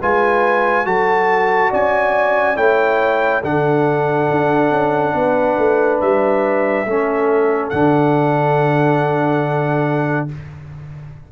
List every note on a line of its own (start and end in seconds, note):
0.00 0.85 G#3
0.00 0.85 F4
0.00 0.86 B4
0.00 0.86 G#5
0.85 1.71 F#3
0.85 2.56 F#4
0.85 1.70 A4
0.85 1.71 A5
1.70 2.56 C#4
1.70 2.56 D5
1.70 2.56 G#5
2.56 3.41 A3
2.56 3.41 E4
2.56 3.42 C#5
2.56 3.42 G5
3.43 4.29 D3
3.43 6.86 D4
3.43 5.15 A4
3.43 6.00 F#5
4.30 4.70 D4
4.70 5.13 C#4
5.14 5.57 B3
5.14 6.86 B4
5.57 6.00 A3
6.00 6.85 G3
6.00 7.69 E5
6.85 7.71 A3
6.85 7.71 C#4
6.85 10.31 A4
7.69 10.29 D3
7.69 10.28 D4
7.69 10.26 F#5